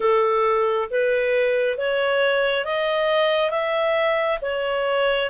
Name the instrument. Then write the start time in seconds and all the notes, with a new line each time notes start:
clarinet
0.00 A4
0.90 B4
1.77 C#5
2.65 D#5
3.50 E5
4.41 C#5